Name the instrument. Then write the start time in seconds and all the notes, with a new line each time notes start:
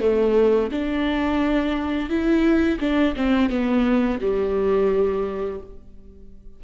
viola
0.00 A3
0.71 D4
2.09 E4
2.80 D4
3.16 C4
3.49 B3
4.21 G3